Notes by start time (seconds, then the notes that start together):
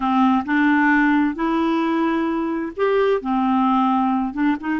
0.00 C4
0.45 D4
1.35 E4
2.76 G4
3.21 C4
4.33 D4
4.60 D#4